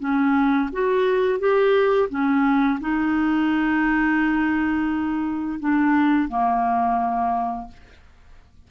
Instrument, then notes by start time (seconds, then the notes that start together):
clarinet
0.00 C#4
0.73 F#4
1.39 G4
2.09 C#4
2.80 D#4
5.60 D4
6.29 A#3